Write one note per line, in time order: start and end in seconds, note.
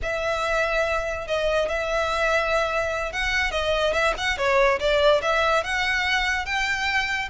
0.02 1.27 E5
1.27 1.68 D#5
1.68 3.12 E5
3.12 3.51 F#5
3.51 3.93 D#5
3.93 4.13 E5
4.17 4.37 F#5
4.37 4.79 C#5
4.79 5.21 D5
5.22 5.63 E5
5.63 6.45 F#5
6.45 7.28 G5